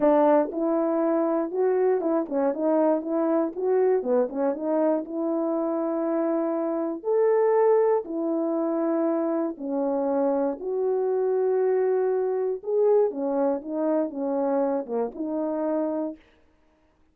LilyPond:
\new Staff \with { instrumentName = "horn" } { \time 4/4 \tempo 4 = 119 d'4 e'2 fis'4 | e'8 cis'8 dis'4 e'4 fis'4 | b8 cis'8 dis'4 e'2~ | e'2 a'2 |
e'2. cis'4~ | cis'4 fis'2.~ | fis'4 gis'4 cis'4 dis'4 | cis'4. ais8 dis'2 | }